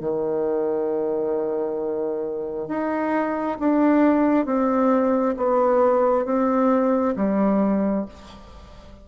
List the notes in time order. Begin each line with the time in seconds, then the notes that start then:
0.00 D#3
2.68 D#4
3.59 D4
4.45 C4
5.36 B3
6.25 C4
7.16 G3